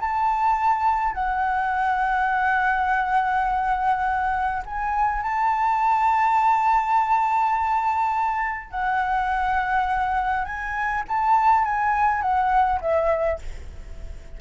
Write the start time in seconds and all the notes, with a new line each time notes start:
0.00 A5
1.13 F#5
4.65 G#5
5.22 A5
8.70 F#5
10.45 G#5
11.08 A5
11.65 G#5
12.21 F#5
12.81 E5